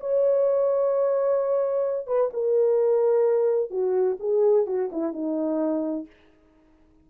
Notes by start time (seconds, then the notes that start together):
0.00 C#5
2.06 B4
2.33 A#4
3.70 F#4
4.19 G#4
4.66 F#4
4.92 E4
5.12 D#4